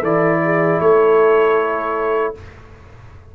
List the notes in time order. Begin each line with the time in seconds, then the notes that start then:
0.00 E3 E4 A4 D5
0.44 G#4
0.80 A3 A4 C#5